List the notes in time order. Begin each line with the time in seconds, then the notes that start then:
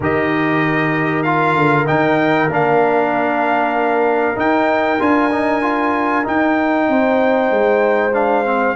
0.00 D#3 G4 A#4 D#5
1.22 F4 F5
1.54 D3
1.86 D#3 D#4 G5
2.46 A#3 D4
2.53 F5
4.35 D#4 G5
4.99 D4 F4 G#5
5.31 D#4
5.62 F4
6.24 D#4 G5
6.88 C4 C5
7.50 G#3
8.13 D4 F5
8.44 C4